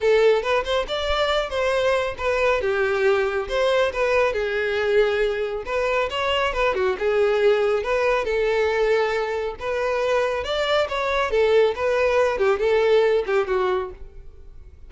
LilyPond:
\new Staff \with { instrumentName = "violin" } { \time 4/4 \tempo 4 = 138 a'4 b'8 c''8 d''4. c''8~ | c''4 b'4 g'2 | c''4 b'4 gis'2~ | gis'4 b'4 cis''4 b'8 fis'8 |
gis'2 b'4 a'4~ | a'2 b'2 | d''4 cis''4 a'4 b'4~ | b'8 g'8 a'4. g'8 fis'4 | }